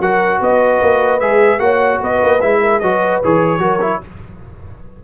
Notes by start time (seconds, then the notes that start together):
0.00 F#3 F#4 A#4 F#5
0.40 B3 B4 D#5
0.82 A#3
1.20 G#3 G#4 E5
1.59 A#3 F#4 C#5 F#5
2.00 B3 B4 D#5
2.23 A#3
2.41 G#3 E4 E5
2.60 A#4
2.80 F#3 F#4 B4 D#5
3.23 E3 G#4 C#5
3.58 F#3 F#4 A#4
3.81 E4